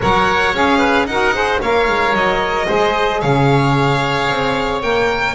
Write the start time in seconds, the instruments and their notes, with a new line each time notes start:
0.00 double bass F#3, saxophone A#4, oboe C#5, violin F#5
0.53 double bass C#4, saxophone G#4, violin F5
0.78 oboe B4
1.05 double bass D#4, saxophone F#4, oboe A#4, violin F#5
1.33 saxophone G#4, oboe C5
1.61 double bass A#3, saxophone A#4, oboe C#5, violin F5
1.88 double bass G#3
2.12 double bass F#3, violin D#5
2.67 double bass G#3, saxophone G#4, oboe C5
3.20 double bass C#3, oboe C#5, violin F5
4.29 double bass C4
4.82 double bass A#3, saxophone A#4, violin G5